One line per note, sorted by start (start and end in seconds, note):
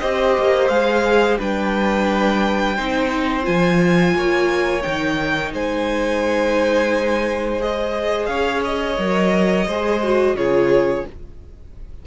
0.00 0.38 C4
0.00 0.70 G4
0.00 1.38 C5
0.00 0.68 D#5
0.39 0.69 A#3
0.68 1.38 G#3
0.68 1.38 G#4
0.68 1.37 F5
1.38 2.78 G3
1.38 2.76 D4
1.38 2.76 B4
1.38 3.45 G5
2.76 3.47 C4
2.76 3.43 D#4
2.76 4.14 C5
3.43 4.15 F3
3.43 4.81 F4
3.43 4.82 G#5
4.15 4.84 A#3
4.15 5.53 C#5
4.82 5.53 D#3
4.82 7.58 D#4
4.82 5.51 G5
5.53 8.28 G#3
5.53 8.29 C5
5.53 7.61 G#5
7.59 8.97 G#4
7.59 8.26 D#5
8.26 8.97 C#4
8.26 9.67 C#5
8.26 8.60 F5
8.65 10.36 D#5
8.98 9.67 F#3
8.98 9.67 A#4
9.67 10.34 G#3
9.67 10.04 G#4
9.67 10.36 C5
10.04 10.37 F#4
10.34 11.03 C#3
10.34 11.06 F4
10.34 11.06 G#4
10.34 11.05 C#5